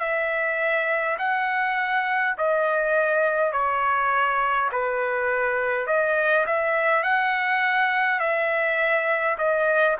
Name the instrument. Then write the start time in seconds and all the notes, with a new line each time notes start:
trumpet
0.00 E5
1.19 F#5
2.38 D#5
3.53 C#5
4.72 B4
5.87 D#5
6.47 E5
7.04 F#5
8.20 E5
9.38 D#5